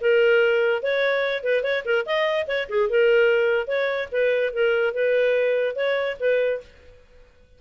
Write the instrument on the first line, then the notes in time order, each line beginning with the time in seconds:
clarinet
0.00 A#4
0.82 C#5
1.43 B4
1.63 C#5
1.85 A#4
2.05 D#5
2.47 C#5
2.69 G#4
2.89 A#4
3.67 C#5
4.12 B4
4.52 A#4
4.93 B4
5.76 C#5
6.20 B4